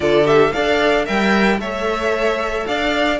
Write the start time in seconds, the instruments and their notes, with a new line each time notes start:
0.00 cello D3, viola F4, violin A4 D5
0.24 viola G4, violin E5
0.52 cello D4, viola A4, violin D5 F5
1.05 cello G3, viola A#4, violin E5 G5
1.59 cello A3, viola A4, violin C#5 E5
2.66 cello D4, violin D5 F5